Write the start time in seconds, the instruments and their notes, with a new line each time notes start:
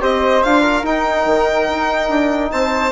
0.00 bassoon C4, trombone G4, flute C5, violin D#5
0.43 bassoon D4, trombone F4, violin F5
0.62 flute A#4
0.83 bassoon D#4, trombone D#4, violin G5
1.26 bassoon D#3
1.69 bassoon D#4
2.09 bassoon D4
2.52 bassoon C4, flute C5, violin A5